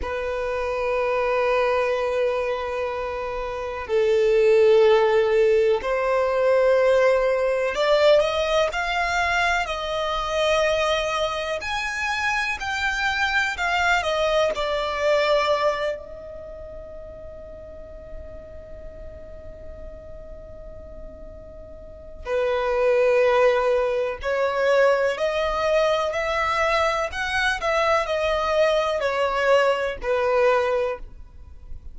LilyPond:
\new Staff \with { instrumentName = "violin" } { \time 4/4 \tempo 4 = 62 b'1 | a'2 c''2 | d''8 dis''8 f''4 dis''2 | gis''4 g''4 f''8 dis''8 d''4~ |
d''8 dis''2.~ dis''8~ | dis''2. b'4~ | b'4 cis''4 dis''4 e''4 | fis''8 e''8 dis''4 cis''4 b'4 | }